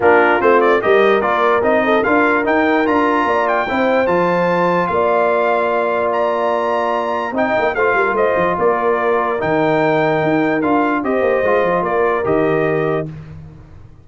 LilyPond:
<<
  \new Staff \with { instrumentName = "trumpet" } { \time 4/4 \tempo 4 = 147 ais'4 c''8 d''8 dis''4 d''4 | dis''4 f''4 g''4 ais''4~ | ais''8 g''4. a''2 | f''2. ais''4~ |
ais''2 g''4 f''4 | dis''4 d''2 g''4~ | g''2 f''4 dis''4~ | dis''4 d''4 dis''2 | }
  \new Staff \with { instrumentName = "horn" } { \time 4/4 f'2 ais'2~ | ais'8 a'8 ais'2. | d''4 c''2. | d''1~ |
d''2 dis''4 c''8 ais'8 | c''4 ais'2.~ | ais'2. c''4~ | c''4 ais'2. | }
  \new Staff \with { instrumentName = "trombone" } { \time 4/4 d'4 c'4 g'4 f'4 | dis'4 f'4 dis'4 f'4~ | f'4 e'4 f'2~ | f'1~ |
f'2 dis'4 f'4~ | f'2. dis'4~ | dis'2 f'4 g'4 | f'2 g'2 | }
  \new Staff \with { instrumentName = "tuba" } { \time 4/4 ais4 a4 g4 ais4 | c'4 d'4 dis'4 d'4 | ais4 c'4 f2 | ais1~ |
ais2 c'8 ais8 a8 g8 | a8 f8 ais2 dis4~ | dis4 dis'4 d'4 c'8 ais8 | gis8 f8 ais4 dis2 | }
>>